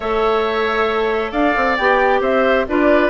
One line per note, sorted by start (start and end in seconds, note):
0.00 1.32 A3
0.00 1.79 A4
0.00 1.31 C#5
0.00 1.31 E5
1.31 1.54 D4
1.31 2.20 D5
1.31 1.76 F5
1.55 1.78 C4
1.76 2.20 B3
1.76 2.67 G4
1.76 2.21 G5
2.20 2.65 C4
2.20 2.65 C5
2.20 2.67 E5
2.67 3.09 D4
2.67 3.09 F4
2.67 3.09 B4
2.67 3.09 D5